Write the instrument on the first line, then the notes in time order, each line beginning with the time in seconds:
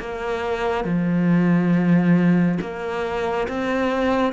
cello
0.00 A#3
0.85 F3
2.61 A#3
3.49 C4